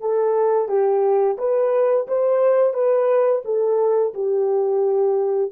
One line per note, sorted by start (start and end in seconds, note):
0.00 0.68 A4
0.68 1.37 G4
1.38 2.07 B4
2.07 2.73 C5
2.73 3.42 B4
3.44 4.13 A4
4.13 5.51 G4